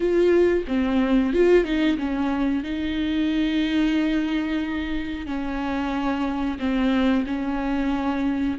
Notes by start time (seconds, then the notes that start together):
0.00 F4
0.67 C4
1.33 F4
1.64 D#4
1.98 C#4
2.63 D#4
5.26 C#4
6.59 C4
7.26 C#4